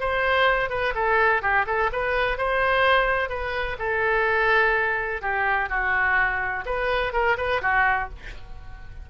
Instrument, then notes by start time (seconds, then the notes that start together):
oboe
0.00 C5
0.70 B4
0.95 A4
1.42 G4
1.66 A4
1.92 B4
2.38 C5
3.29 B4
3.79 A4
5.21 G4
5.69 F#4
6.66 B4
7.13 A#4
7.37 B4
7.62 F#4